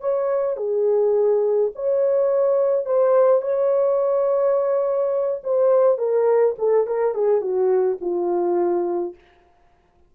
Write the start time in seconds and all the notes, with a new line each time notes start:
0.00 C#5
0.57 G#4
1.75 C#5
2.85 C5
3.42 C#5
5.43 C5
5.98 A#4
6.58 A4
6.87 A#4
7.14 G#4
7.41 F#4
8.01 F4